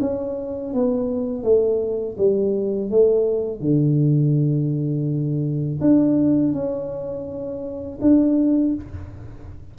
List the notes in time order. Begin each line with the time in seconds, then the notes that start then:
0.00 C#4
0.74 B3
1.43 A3
2.18 G3
2.90 A3
3.60 D3
5.81 D4
6.53 C#4
8.01 D4